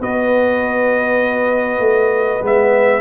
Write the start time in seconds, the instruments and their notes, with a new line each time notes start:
0.00 tuba B3, trombone F#4, horn B4, trumpet D#5
1.80 tuba A3
2.42 tuba G#3, trombone B3, trumpet E5